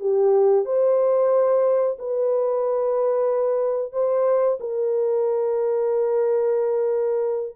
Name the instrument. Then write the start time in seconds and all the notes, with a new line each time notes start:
horn
0.00 G4
0.65 C5
1.99 B4
3.92 C5
4.60 A#4